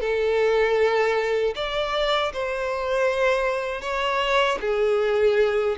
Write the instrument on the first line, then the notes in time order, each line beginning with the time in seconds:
violin
0.00 A4
1.55 D5
2.33 C5
3.81 C#5
4.60 G#4